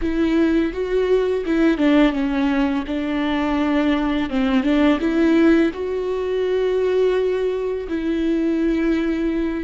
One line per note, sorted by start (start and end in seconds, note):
0.01 0.72 E4
0.72 1.44 F#4
1.45 1.77 E4
1.77 2.12 D4
2.12 2.83 C#4
2.86 4.29 D4
4.29 4.63 C4
4.63 4.98 D4
5.00 5.71 E4
5.73 7.87 F#4
7.88 9.64 E4